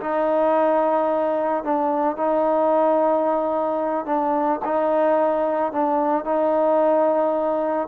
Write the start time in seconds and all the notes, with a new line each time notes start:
0.00 D#4
1.64 D4
2.16 D#4
4.05 D4
4.64 D#4
5.72 D4
6.24 D#4